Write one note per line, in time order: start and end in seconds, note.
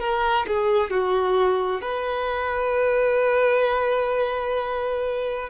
0.00 0.46 A#4
0.47 0.91 G#4
0.91 1.81 F#4
1.81 5.50 B4